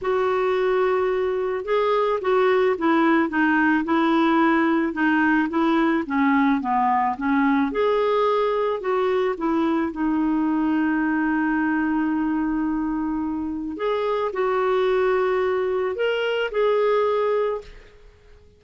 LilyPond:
\new Staff \with { instrumentName = "clarinet" } { \time 4/4 \tempo 4 = 109 fis'2. gis'4 | fis'4 e'4 dis'4 e'4~ | e'4 dis'4 e'4 cis'4 | b4 cis'4 gis'2 |
fis'4 e'4 dis'2~ | dis'1~ | dis'4 gis'4 fis'2~ | fis'4 ais'4 gis'2 | }